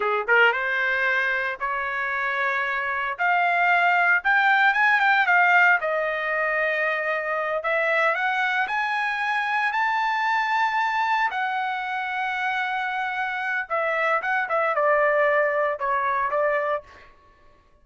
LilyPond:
\new Staff \with { instrumentName = "trumpet" } { \time 4/4 \tempo 4 = 114 gis'8 ais'8 c''2 cis''4~ | cis''2 f''2 | g''4 gis''8 g''8 f''4 dis''4~ | dis''2~ dis''8 e''4 fis''8~ |
fis''8 gis''2 a''4.~ | a''4. fis''2~ fis''8~ | fis''2 e''4 fis''8 e''8 | d''2 cis''4 d''4 | }